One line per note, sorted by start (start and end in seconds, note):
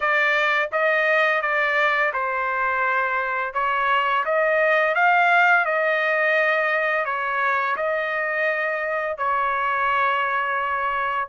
0.00 0.69 D5
0.72 1.41 D#5
1.41 2.12 D5
2.13 3.53 C5
3.53 4.24 C#5
4.25 4.94 D#5
4.94 5.65 F5
5.65 7.05 D#5
7.05 7.76 C#5
7.76 9.17 D#5
9.17 11.28 C#5